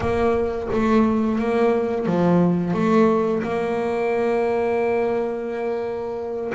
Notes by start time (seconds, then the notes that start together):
0.00 A#3
0.72 A3
1.39 A#3
2.06 F3
2.73 A3
3.42 A#3